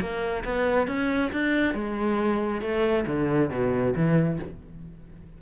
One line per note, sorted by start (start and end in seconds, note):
0.00 0.44 A#3
0.45 0.87 B3
0.87 1.31 C#4
1.32 1.74 D4
1.74 2.61 G#3
2.61 3.05 A3
3.06 3.50 D3
3.50 3.94 B2
3.95 4.39 E3